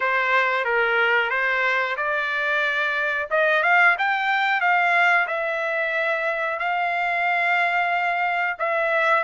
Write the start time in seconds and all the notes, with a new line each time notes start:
0.00 C5
0.64 A#4
1.29 C5
1.96 D5
3.30 D#5
3.63 F5
3.98 G5
4.61 F5
5.27 E5
6.59 F5
8.58 E5